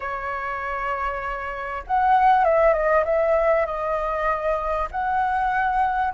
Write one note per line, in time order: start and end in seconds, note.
0.00 1.83 C#5
1.86 2.44 F#5
2.44 2.73 E5
2.73 3.03 D#5
3.04 3.66 E5
3.66 4.88 D#5
4.91 6.13 F#5